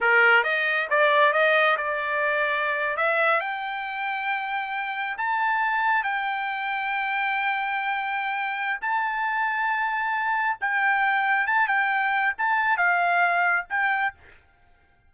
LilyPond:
\new Staff \with { instrumentName = "trumpet" } { \time 4/4 \tempo 4 = 136 ais'4 dis''4 d''4 dis''4 | d''2~ d''8. e''4 g''16~ | g''2.~ g''8. a''16~ | a''4.~ a''16 g''2~ g''16~ |
g''1 | a''1 | g''2 a''8 g''4. | a''4 f''2 g''4 | }